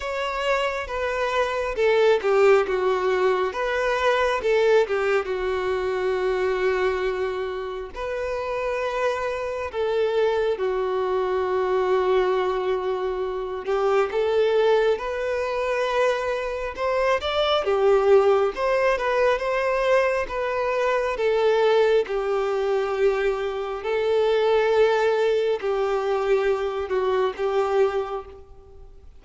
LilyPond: \new Staff \with { instrumentName = "violin" } { \time 4/4 \tempo 4 = 68 cis''4 b'4 a'8 g'8 fis'4 | b'4 a'8 g'8 fis'2~ | fis'4 b'2 a'4 | fis'2.~ fis'8 g'8 |
a'4 b'2 c''8 d''8 | g'4 c''8 b'8 c''4 b'4 | a'4 g'2 a'4~ | a'4 g'4. fis'8 g'4 | }